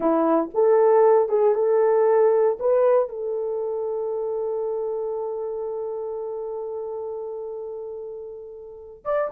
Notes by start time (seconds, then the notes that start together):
0.00 E4
0.53 A4
1.28 G#4
1.54 A4
2.59 B4
3.08 A4
9.04 D5